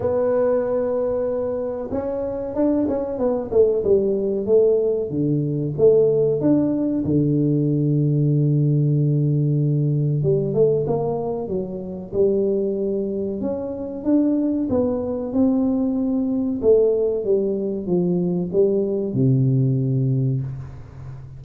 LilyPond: \new Staff \with { instrumentName = "tuba" } { \time 4/4 \tempo 4 = 94 b2. cis'4 | d'8 cis'8 b8 a8 g4 a4 | d4 a4 d'4 d4~ | d1 |
g8 a8 ais4 fis4 g4~ | g4 cis'4 d'4 b4 | c'2 a4 g4 | f4 g4 c2 | }